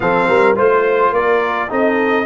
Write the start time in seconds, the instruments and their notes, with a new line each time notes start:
0.00 tuba F3, trombone C4, horn A4, trumpet F5
0.28 tuba G3, horn A#4
0.55 tuba A3, trombone F4, horn C5, trumpet C5
1.11 tuba A#3, horn A#4, trumpet D5
1.68 tuba C4, trombone D#4, horn A4, trumpet D#5